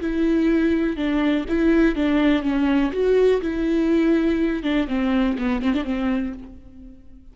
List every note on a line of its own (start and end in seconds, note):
0.00 0.96 E4
0.96 1.45 D4
1.48 1.95 E4
1.95 2.42 D4
2.42 2.91 C#4
2.92 3.41 F#4
3.41 4.63 E4
4.63 4.87 D4
4.87 5.36 C4
5.38 5.61 B3
5.61 5.73 C4
5.73 5.84 D4
5.84 6.33 C4